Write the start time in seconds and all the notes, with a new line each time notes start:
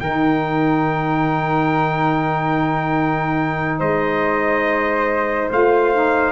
0.00 D#3 D#4 A#4 G5
3.79 G#3 C5 D#5
5.51 A3 F4 F5
5.93 D#4